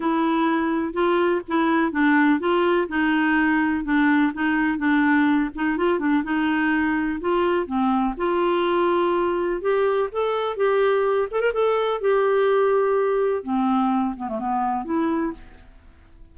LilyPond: \new Staff \with { instrumentName = "clarinet" } { \time 4/4 \tempo 4 = 125 e'2 f'4 e'4 | d'4 f'4 dis'2 | d'4 dis'4 d'4. dis'8 | f'8 d'8 dis'2 f'4 |
c'4 f'2. | g'4 a'4 g'4. a'16 ais'16 | a'4 g'2. | c'4. b16 a16 b4 e'4 | }